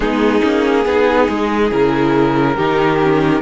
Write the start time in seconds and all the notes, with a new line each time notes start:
0.00 G#3 B3 D#4 G#4
0.42 A#3 C#4
0.85 B3 D#4 G#4
1.28 G#3
1.71 C#3 E4 A#4
2.56 D#3 D#4 G4
3.02 C#4